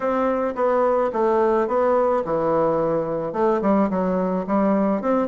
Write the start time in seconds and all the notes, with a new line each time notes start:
0.00 C4
0.55 B3
1.12 A3
1.67 B3
2.24 E3
3.33 A3
3.61 G3
3.90 F#3
4.46 G3
5.02 C4